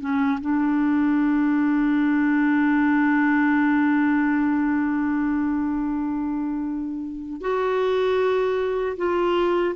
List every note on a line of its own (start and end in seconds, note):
0.00 0.39 C#4
0.41 7.41 D4
7.41 8.97 F#4
8.97 9.75 F4